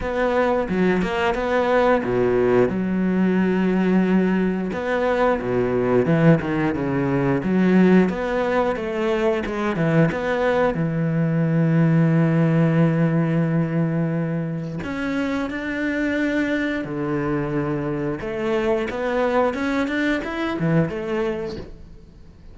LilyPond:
\new Staff \with { instrumentName = "cello" } { \time 4/4 \tempo 4 = 89 b4 fis8 ais8 b4 b,4 | fis2. b4 | b,4 e8 dis8 cis4 fis4 | b4 a4 gis8 e8 b4 |
e1~ | e2 cis'4 d'4~ | d'4 d2 a4 | b4 cis'8 d'8 e'8 e8 a4 | }